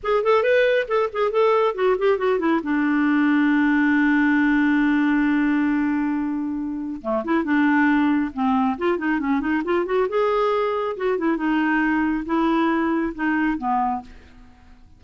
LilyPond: \new Staff \with { instrumentName = "clarinet" } { \time 4/4 \tempo 4 = 137 gis'8 a'8 b'4 a'8 gis'8 a'4 | fis'8 g'8 fis'8 e'8 d'2~ | d'1~ | d'1 |
a8 e'8 d'2 c'4 | f'8 dis'8 cis'8 dis'8 f'8 fis'8 gis'4~ | gis'4 fis'8 e'8 dis'2 | e'2 dis'4 b4 | }